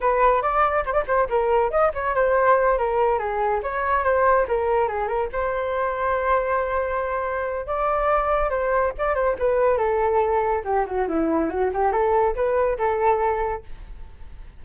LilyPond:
\new Staff \with { instrumentName = "flute" } { \time 4/4 \tempo 4 = 141 b'4 d''4 c''16 d''16 c''8 ais'4 | dis''8 cis''8 c''4. ais'4 gis'8~ | gis'8 cis''4 c''4 ais'4 gis'8 | ais'8 c''2.~ c''8~ |
c''2 d''2 | c''4 d''8 c''8 b'4 a'4~ | a'4 g'8 fis'8 e'4 fis'8 g'8 | a'4 b'4 a'2 | }